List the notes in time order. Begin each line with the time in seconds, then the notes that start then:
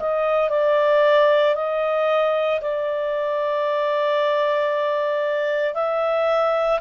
0.00 D#5
0.50 D5
1.56 D#5
2.62 D5
5.75 E5